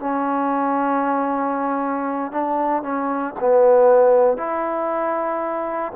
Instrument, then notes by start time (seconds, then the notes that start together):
trombone
0.00 C#4
2.32 D4
2.83 C#4
3.40 B3
4.38 E4